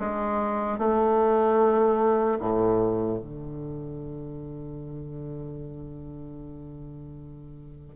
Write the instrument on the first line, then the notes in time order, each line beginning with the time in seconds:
bassoon
0.00 G#3
0.79 A3
2.40 A2
3.19 D3